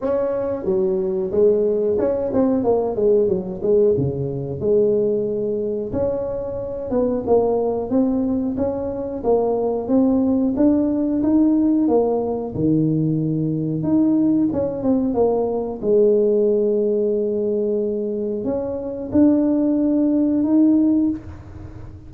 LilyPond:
\new Staff \with { instrumentName = "tuba" } { \time 4/4 \tempo 4 = 91 cis'4 fis4 gis4 cis'8 c'8 | ais8 gis8 fis8 gis8 cis4 gis4~ | gis4 cis'4. b8 ais4 | c'4 cis'4 ais4 c'4 |
d'4 dis'4 ais4 dis4~ | dis4 dis'4 cis'8 c'8 ais4 | gis1 | cis'4 d'2 dis'4 | }